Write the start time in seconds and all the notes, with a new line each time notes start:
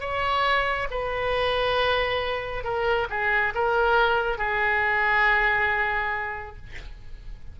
0.00 C#5
0.90 B4
2.63 A#4
3.09 G#4
3.54 A#4
4.37 G#4